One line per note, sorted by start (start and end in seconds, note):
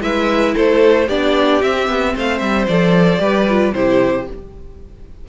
0.00 0.54 G#3
0.00 1.06 E4
0.00 0.54 B4
0.00 0.54 E5
0.54 1.08 A3
0.54 1.07 A4
0.54 1.08 C5
1.07 1.62 B3
1.07 1.62 D4
1.07 2.13 G4
1.07 1.62 D5
1.62 2.68 C4
1.62 1.88 C4
1.62 2.15 E5
1.88 2.14 B3
2.15 2.40 A3
2.15 3.21 C5
2.15 2.38 F5
2.38 2.67 G3
2.38 2.65 E5
2.67 3.19 F3
2.67 3.18 A4
2.67 3.73 D5
3.18 3.72 G3
3.18 3.44 G4
3.18 3.74 B4
3.49 3.73 F4
3.73 4.27 C3
3.73 4.26 E4
3.73 4.28 G4
3.73 4.26 C5